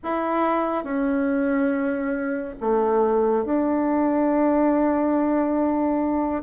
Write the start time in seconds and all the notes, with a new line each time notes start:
0.04 E4
0.84 C#4
2.60 A3
3.45 D4